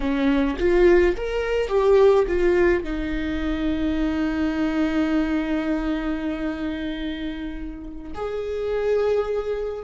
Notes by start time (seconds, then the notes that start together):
0.00 C#4
0.59 F4
1.16 A#4
1.68 G4
2.27 F4
2.83 D#4
8.14 G#4